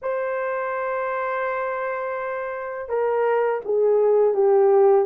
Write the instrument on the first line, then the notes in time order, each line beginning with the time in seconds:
horn
0.02 C5
2.88 A#4
3.64 G#4
4.34 G4